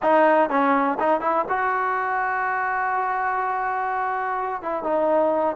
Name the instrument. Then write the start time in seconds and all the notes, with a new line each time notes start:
trombone
0.02 D#4
0.49 C#4
0.99 D#4
1.21 E4
1.48 F#4
4.62 E4
4.83 D#4